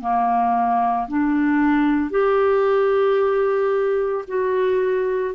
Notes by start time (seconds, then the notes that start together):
0.00 A#3
1.08 D4
2.10 G4
4.27 F#4